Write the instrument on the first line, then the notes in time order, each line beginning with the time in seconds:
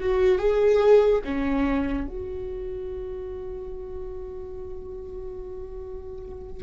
viola
0.00 F#4
0.38 G#4
1.24 C#4
2.07 F#4